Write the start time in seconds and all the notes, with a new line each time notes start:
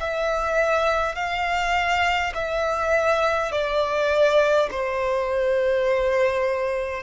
0.00 E5
1.16 F5
2.34 E5
3.51 D5
4.71 C5